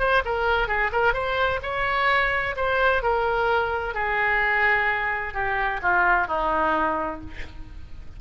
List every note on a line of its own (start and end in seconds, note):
0.00 0.23 C5
0.26 0.68 A#4
0.68 0.92 G#4
0.93 1.14 A#4
1.14 1.60 C5
1.63 2.56 C#5
2.57 3.03 C5
3.03 3.95 A#4
3.95 5.34 G#4
5.34 5.81 G4
5.83 6.28 F4
6.28 7.21 D#4